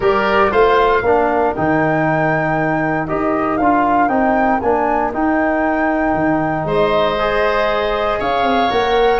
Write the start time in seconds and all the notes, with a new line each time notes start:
0.00 G3 G4 A#4 D5
0.51 A3 F4 C5 F5
1.02 A#3 D4 A#4
1.55 D#3 D#4 G5
3.07 D#4 G4 D#5
3.57 D4 F4 F5
4.08 C4 D#4 G5
4.60 A#3 D4 G#5
5.13 D#4 G5
6.14 D#3
6.65 G#3 C5 D#5
7.19 G#4
8.19 C#4 C#5 F5
8.43 C4
8.70 A#3 A#4 F#5